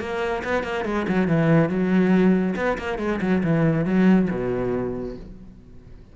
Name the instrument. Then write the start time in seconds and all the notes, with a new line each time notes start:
cello
0.00 A#3
0.44 B3
0.63 A#3
0.85 G#3
1.08 F#3
1.28 E3
1.69 F#3
2.56 B3
2.78 A#3
2.99 G#3
3.21 F#3
3.44 E3
3.85 F#3
4.30 B2